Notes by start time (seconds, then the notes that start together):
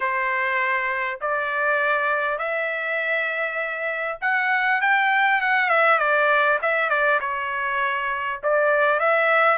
0.00 C5
1.20 D5
2.38 E5
4.21 F#5
4.81 G5
5.41 F#5
5.69 E5
5.98 D5
6.62 E5
6.89 D5
7.20 C#5
8.43 D5
8.99 E5